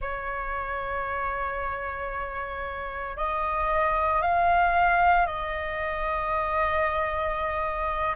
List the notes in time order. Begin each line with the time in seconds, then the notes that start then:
0.00 C#5
3.16 D#5
4.22 F5
5.26 D#5